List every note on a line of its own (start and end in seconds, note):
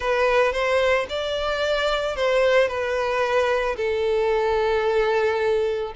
0.00 0.52 B4
0.52 1.06 C5
1.09 2.15 D5
2.15 2.68 C5
2.68 3.76 B4
3.76 5.93 A4